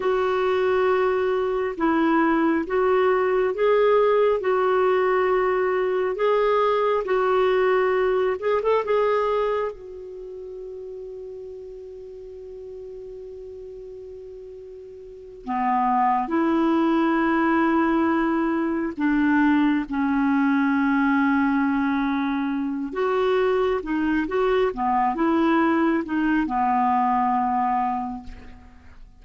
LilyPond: \new Staff \with { instrumentName = "clarinet" } { \time 4/4 \tempo 4 = 68 fis'2 e'4 fis'4 | gis'4 fis'2 gis'4 | fis'4. gis'16 a'16 gis'4 fis'4~ | fis'1~ |
fis'4. b4 e'4.~ | e'4. d'4 cis'4.~ | cis'2 fis'4 dis'8 fis'8 | b8 e'4 dis'8 b2 | }